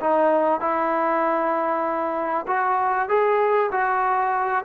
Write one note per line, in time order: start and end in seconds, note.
0.00 0.60 D#4
0.60 2.46 E4
2.47 3.09 F#4
3.09 3.71 G#4
3.71 4.64 F#4